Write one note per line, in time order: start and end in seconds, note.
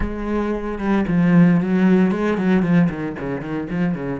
0.00 0.78 G#3
0.78 1.05 G3
1.07 1.60 F3
1.60 2.11 F#3
2.11 2.37 G#3
2.37 2.62 F#3
2.62 2.88 F3
2.89 3.16 D#3
3.19 3.41 C#3
3.41 3.67 D#3
3.70 3.94 F3
3.94 4.20 C#3